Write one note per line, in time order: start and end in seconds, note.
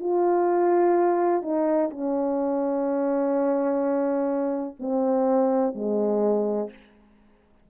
0.00 1.42 F4
1.42 1.90 D#4
1.90 4.76 C#4
4.80 5.75 C4
5.75 6.70 G#3